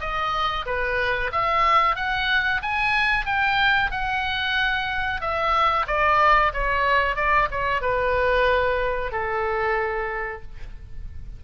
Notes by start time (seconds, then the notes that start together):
0.00 D#5
0.66 B4
1.32 E5
1.96 F#5
2.62 G#5
3.25 G5
3.91 F#5
5.21 E5
5.87 D5
6.53 C#5
7.15 D5
7.51 C#5
7.81 B4
9.12 A4